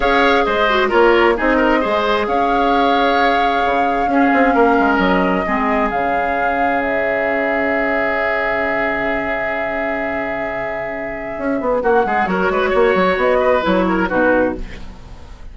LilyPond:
<<
  \new Staff \with { instrumentName = "flute" } { \time 4/4 \tempo 4 = 132 f''4 dis''4 cis''4 dis''4~ | dis''4 f''2.~ | f''2. dis''4~ | dis''4 f''2 e''4~ |
e''1~ | e''1~ | e''2 fis''4 cis''4~ | cis''4 dis''4 cis''4 b'4 | }
  \new Staff \with { instrumentName = "oboe" } { \time 4/4 cis''4 c''4 ais'4 gis'8 ais'8 | c''4 cis''2.~ | cis''4 gis'4 ais'2 | gis'1~ |
gis'1~ | gis'1~ | gis'2 fis'8 gis'8 ais'8 b'8 | cis''4. b'4 ais'8 fis'4 | }
  \new Staff \with { instrumentName = "clarinet" } { \time 4/4 gis'4. fis'8 f'4 dis'4 | gis'1~ | gis'4 cis'2. | c'4 cis'2.~ |
cis'1~ | cis'1~ | cis'2. fis'4~ | fis'2 e'4 dis'4 | }
  \new Staff \with { instrumentName = "bassoon" } { \time 4/4 cis'4 gis4 ais4 c'4 | gis4 cis'2. | cis4 cis'8 c'8 ais8 gis8 fis4 | gis4 cis2.~ |
cis1~ | cis1~ | cis4 cis'8 b8 ais8 gis8 fis8 gis8 | ais8 fis8 b4 fis4 b,4 | }
>>